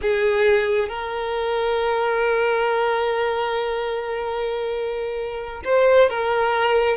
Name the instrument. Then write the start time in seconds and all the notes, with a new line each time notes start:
violin
0.01 G#4
0.88 A#4
5.64 C5
6.09 A#4